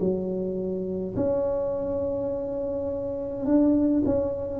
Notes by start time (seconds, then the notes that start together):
0.00 F#3
1.16 C#4
3.46 D4
4.05 C#4